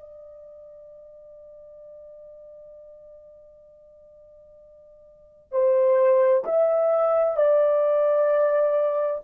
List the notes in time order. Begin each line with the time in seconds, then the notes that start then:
0.00 D5
5.52 C5
6.44 E5
7.36 D5